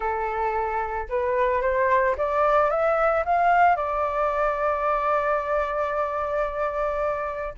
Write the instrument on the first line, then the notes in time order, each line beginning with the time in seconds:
flute
0.00 A4
1.09 B4
1.61 C5
2.17 D5
2.70 E5
3.25 F5
3.76 D5